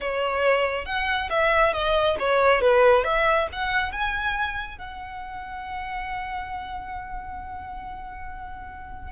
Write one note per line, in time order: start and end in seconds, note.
0.01 0.85 C#5
0.85 1.29 F#5
1.29 1.73 E5
1.73 2.16 D#5
2.19 2.61 C#5
2.61 3.04 B4
3.04 3.47 E5
3.52 3.92 F#5
3.92 4.78 G#5
4.78 9.12 F#5